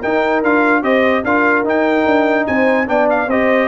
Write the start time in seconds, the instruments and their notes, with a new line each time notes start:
0.00 tuba D#4, trombone D#4, horn A#4, trumpet G5
0.42 tuba D4, trombone F4, trumpet F5
0.82 tuba C4, trombone G4, horn C5, trumpet D#5
1.24 tuba D4, trombone F4, horn A#4, trumpet F5
1.64 tuba D#4, trombone D#4, trumpet G5
2.06 tuba D4
2.47 tuba C4, horn C5, trumpet G#5
2.86 tuba B3, trombone D4, horn D5, trumpet G5
3.10 trumpet F5
3.27 tuba C4, trombone G4, horn C5, trumpet D#5